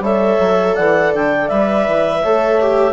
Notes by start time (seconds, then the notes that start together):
0.00 G3 A4 C#5 E5
0.39 F#3
0.76 E3 D5 F#5
1.14 D3 G5
1.48 G3 B4 E5
1.87 E3
2.22 A3 A4 C#5
2.61 G4